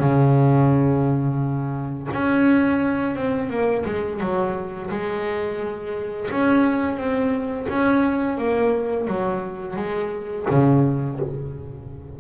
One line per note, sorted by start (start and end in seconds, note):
0.00 2.09 C#3
2.13 3.16 C#4
3.16 3.50 C4
3.50 3.85 A#3
3.86 4.21 G#3
4.21 4.91 F#3
4.91 6.30 G#3
6.32 6.98 C#4
6.98 7.67 C4
7.70 8.38 C#4
8.38 9.08 A#3
9.08 9.77 F#3
9.77 10.47 G#3
10.51 11.20 C#3